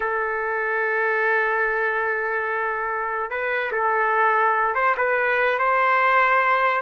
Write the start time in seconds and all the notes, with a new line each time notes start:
0.00 A4
3.30 B4
3.72 A4
4.74 C5
4.97 B4
5.58 C5